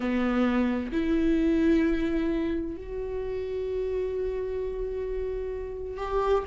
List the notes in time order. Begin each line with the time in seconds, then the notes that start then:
0.00 B3
0.92 E4
2.77 F#4
5.97 G4